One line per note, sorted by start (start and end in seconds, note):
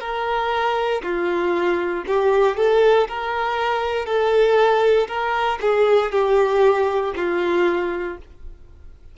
0.00 1.02 A#4
1.02 2.04 F4
2.07 2.57 G4
2.57 3.07 A4
3.08 4.05 A#4
4.05 5.07 A4
5.08 5.58 A#4
5.61 6.12 G#4
6.12 7.13 G4
7.16 8.17 F4